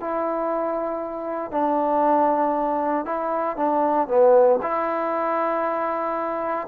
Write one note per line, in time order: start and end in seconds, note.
0.00 1.51 E4
1.51 3.05 D4
3.05 3.56 E4
3.56 4.08 D4
4.08 4.59 B3
4.62 6.67 E4